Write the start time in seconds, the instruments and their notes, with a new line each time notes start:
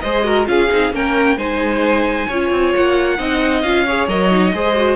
0.00 cello G#3, viola G#4, violin C5 D#5
0.23 viola F#4, violin A#4
0.46 cello C#4, viola F4, violin G#4 F5
0.70 cello C4, viola D#4
0.91 cello A#3, viola C#4, violin A#4 G5
1.36 cello G#3, viola D#4, violin C5 G#5
2.27 cello C#4, viola F4, violin C#5
2.51 cello C4
2.75 cello A#3, violin F#5
3.18 cello C4, viola D#4, violin D#5
3.61 cello C#4, viola F4, violin F5
3.86 viola G#4, violin C#5
4.07 cello F#3, viola A#4, violin D#5
4.30 viola D#4
4.53 cello G#3, viola G#4, violin C5
4.76 viola F#4